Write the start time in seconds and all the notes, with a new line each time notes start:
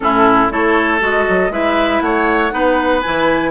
0.00 A2 C#4 E4 A4
0.49 A3 E4 A4 C#5
1.00 G#3 F#4 D#5
1.28 F#3
1.49 G#3 E4 B4 E5
2.01 A3 C#5 F#5
2.50 B3 D#4 B4
3.01 E3 E4 G#5